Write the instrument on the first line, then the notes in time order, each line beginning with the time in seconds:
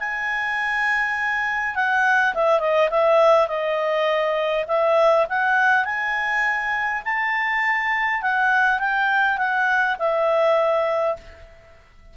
clarinet
0.00 G#5
1.76 F#5
2.35 E5
2.60 D#5
2.91 E5
3.48 D#5
4.68 E5
5.30 F#5
5.85 G#5
7.05 A5
8.22 F#5
8.80 G5
9.38 F#5
9.99 E5